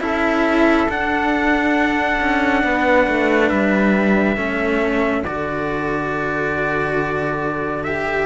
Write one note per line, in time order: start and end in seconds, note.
0.00 0.87 C#4
0.00 0.87 E4
0.00 2.63 A4
0.00 0.90 E5
0.88 4.36 D4
0.88 2.19 D4
0.88 3.49 F#5
2.20 2.63 C#4
2.63 3.07 B3
2.63 4.38 B4
3.07 3.51 A3
3.49 4.36 G3
3.49 5.23 E5
4.36 5.23 A3
4.36 5.24 C#4
4.36 8.26 A4
5.24 8.26 D3
5.24 7.87 F#4
5.24 7.83 D5
7.83 8.26 G4
7.83 8.26 E5